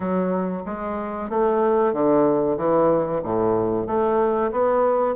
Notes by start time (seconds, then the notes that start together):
0.00 F#3
0.65 G#3
1.29 A3
1.93 D3
2.57 E3
3.23 A2
3.86 A3
4.51 B3